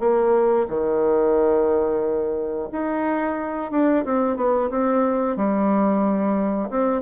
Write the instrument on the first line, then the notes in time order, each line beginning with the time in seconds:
bassoon
0.00 A#3
0.68 D#3
2.72 D#4
3.71 D4
4.05 C4
4.37 B3
4.70 C4
5.36 G3
6.70 C4